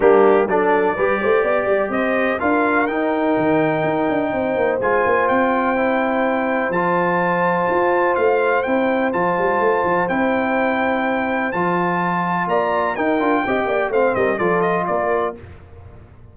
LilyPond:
<<
  \new Staff \with { instrumentName = "trumpet" } { \time 4/4 \tempo 4 = 125 g'4 d''2. | dis''4 f''4 g''2~ | g''2 gis''4 g''4~ | g''2 a''2~ |
a''4 f''4 g''4 a''4~ | a''4 g''2. | a''2 ais''4 g''4~ | g''4 f''8 dis''8 d''8 dis''8 d''4 | }
  \new Staff \with { instrumentName = "horn" } { \time 4/4 d'4 a'4 b'8 c''8 d''4 | c''4 ais'2.~ | ais'4 c''2.~ | c''1~ |
c''1~ | c''1~ | c''2 d''4 ais'4 | dis''8 d''8 c''8 ais'8 a'4 ais'4 | }
  \new Staff \with { instrumentName = "trombone" } { \time 4/4 ais4 d'4 g'2~ | g'4 f'4 dis'2~ | dis'2 f'2 | e'2 f'2~ |
f'2 e'4 f'4~ | f'4 e'2. | f'2. dis'8 f'8 | g'4 c'4 f'2 | }
  \new Staff \with { instrumentName = "tuba" } { \time 4/4 g4 fis4 g8 a8 b8 g8 | c'4 d'4 dis'4 dis4 | dis'8 d'8 c'8 ais8 gis8 ais8 c'4~ | c'2 f2 |
f'4 a4 c'4 f8 g8 | a8 f8 c'2. | f2 ais4 dis'8 d'8 | c'8 ais8 a8 g8 f4 ais4 | }
>>